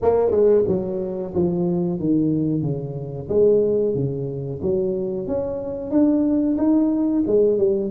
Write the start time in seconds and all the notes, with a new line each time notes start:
0.02 A#3
0.30 G#3
0.67 F#3
1.34 F3
1.99 D#3
2.62 C#3
3.28 G#3
3.94 C#3
4.62 F#3
5.27 C#4
5.90 D4
6.57 D#4
7.26 G#3
7.58 G3